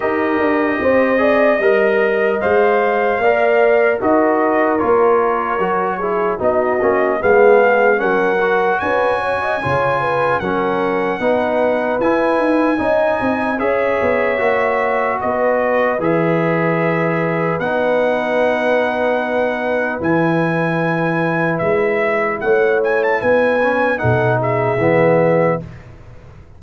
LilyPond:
<<
  \new Staff \with { instrumentName = "trumpet" } { \time 4/4 \tempo 4 = 75 dis''2. f''4~ | f''4 dis''4 cis''2 | dis''4 f''4 fis''4 gis''4~ | gis''4 fis''2 gis''4~ |
gis''4 e''2 dis''4 | e''2 fis''2~ | fis''4 gis''2 e''4 | fis''8 gis''16 a''16 gis''4 fis''8 e''4. | }
  \new Staff \with { instrumentName = "horn" } { \time 4/4 ais'4 c''8 d''8 dis''2 | d''4 ais'2~ ais'8 gis'8 | fis'4 gis'4 ais'4 b'8 cis''16 dis''16 | cis''8 b'8 ais'4 b'2 |
dis''4 cis''2 b'4~ | b'1~ | b'1 | cis''4 b'4 a'8 gis'4. | }
  \new Staff \with { instrumentName = "trombone" } { \time 4/4 g'4. gis'8 ais'4 c''4 | ais'4 fis'4 f'4 fis'8 e'8 | dis'8 cis'8 b4 cis'8 fis'4. | f'4 cis'4 dis'4 e'4 |
dis'4 gis'4 fis'2 | gis'2 dis'2~ | dis'4 e'2.~ | e'4. cis'8 dis'4 b4 | }
  \new Staff \with { instrumentName = "tuba" } { \time 4/4 dis'8 d'8 c'4 g4 gis4 | ais4 dis'4 ais4 fis4 | b8 ais8 gis4 fis4 cis'4 | cis4 fis4 b4 e'8 dis'8 |
cis'8 c'8 cis'8 b8 ais4 b4 | e2 b2~ | b4 e2 gis4 | a4 b4 b,4 e4 | }
>>